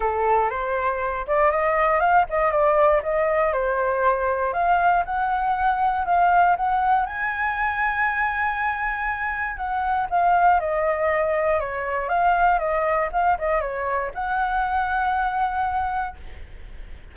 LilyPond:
\new Staff \with { instrumentName = "flute" } { \time 4/4 \tempo 4 = 119 a'4 c''4. d''8 dis''4 | f''8 dis''8 d''4 dis''4 c''4~ | c''4 f''4 fis''2 | f''4 fis''4 gis''2~ |
gis''2. fis''4 | f''4 dis''2 cis''4 | f''4 dis''4 f''8 dis''8 cis''4 | fis''1 | }